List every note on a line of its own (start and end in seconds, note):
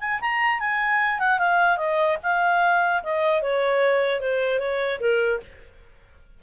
0.00 0.20 G#5
0.21 0.60 A#5
0.60 1.19 G#5
1.19 1.39 F#5
1.39 1.78 F5
1.78 2.18 D#5
2.23 3.03 F5
3.03 3.42 D#5
3.42 4.20 C#5
4.20 4.59 C5
4.59 4.99 C#5
5.00 5.40 A#4